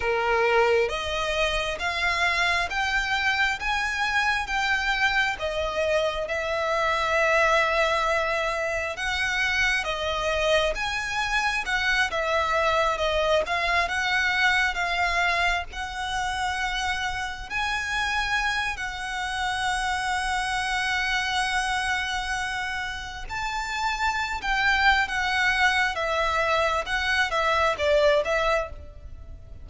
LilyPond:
\new Staff \with { instrumentName = "violin" } { \time 4/4 \tempo 4 = 67 ais'4 dis''4 f''4 g''4 | gis''4 g''4 dis''4 e''4~ | e''2 fis''4 dis''4 | gis''4 fis''8 e''4 dis''8 f''8 fis''8~ |
fis''8 f''4 fis''2 gis''8~ | gis''4 fis''2.~ | fis''2 a''4~ a''16 g''8. | fis''4 e''4 fis''8 e''8 d''8 e''8 | }